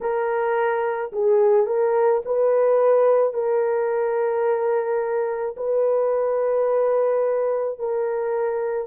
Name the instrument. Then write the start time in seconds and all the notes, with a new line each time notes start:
horn
0.00 A#4
1.12 G#4
1.66 A#4
2.25 B4
3.33 A#4
5.57 B4
7.78 A#4